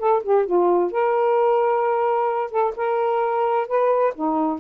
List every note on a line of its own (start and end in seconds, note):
0.00 0.23 A4
0.23 0.46 G4
0.46 0.92 F4
0.92 2.51 A#4
2.51 2.74 A4
2.77 3.68 A#4
3.68 4.14 B4
4.15 4.60 D#4